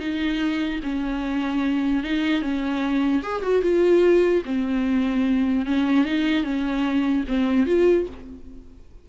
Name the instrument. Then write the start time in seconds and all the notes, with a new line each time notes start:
viola
0.00 D#4
0.83 C#4
2.04 D#4
2.42 C#4
3.23 G#4
3.43 F#4
3.63 F4
4.46 C4
5.66 C#4
6.05 D#4
6.44 C#4
7.28 C4
7.67 F4